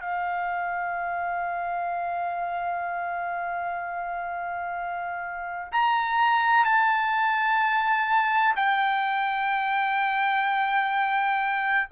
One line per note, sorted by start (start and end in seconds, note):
0.00 5.71 F5
5.72 6.65 A#5
6.65 8.55 A5
8.56 11.89 G5